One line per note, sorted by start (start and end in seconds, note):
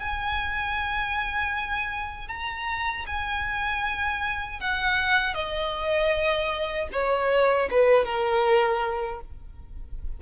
0.00 2.28 G#5
2.28 3.05 A#5
3.07 4.60 G#5
4.60 5.34 F#5
5.34 6.88 D#5
6.92 7.69 C#5
7.71 8.05 B4
8.05 9.21 A#4